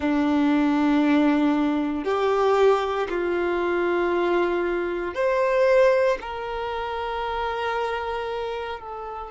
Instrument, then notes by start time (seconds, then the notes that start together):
violin
0.00 D4
2.04 G4
3.09 F4
5.14 C5
6.21 A#4
8.79 A4